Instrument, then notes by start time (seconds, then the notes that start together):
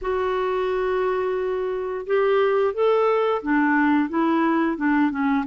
clarinet
0.01 F#4
2.06 G4
2.73 A4
3.42 D4
4.09 E4
4.76 D4
5.10 C#4